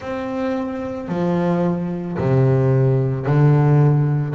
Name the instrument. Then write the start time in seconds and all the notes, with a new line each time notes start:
double bass
0.00 C4
1.08 F3
2.18 C3
3.25 D3